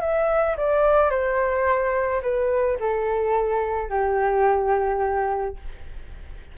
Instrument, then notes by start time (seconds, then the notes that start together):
flute
0.00 E5
0.57 D5
1.10 C5
2.22 B4
2.79 A4
3.89 G4